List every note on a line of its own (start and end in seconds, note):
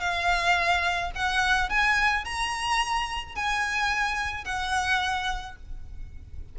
0.00 1.11 F5
1.15 1.69 F#5
1.69 2.24 G#5
2.24 3.35 A#5
3.35 4.44 G#5
4.44 5.56 F#5